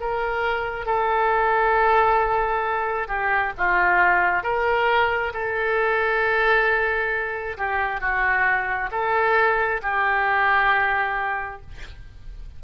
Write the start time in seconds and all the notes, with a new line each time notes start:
0.00 A#4
0.86 A4
3.08 G4
3.57 F4
4.43 A#4
5.33 A4
7.57 G4
8.00 F#4
8.91 A4
9.82 G4